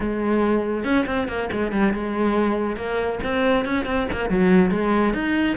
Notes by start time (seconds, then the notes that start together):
0.00 G#3
0.84 C#4
1.06 C4
1.27 A#3
1.52 G#3
1.72 G3
1.93 G#3
2.76 A#3
3.23 C4
3.65 C#4
3.85 C4
4.12 A#3
4.29 F#3
4.70 G#3
5.13 D#4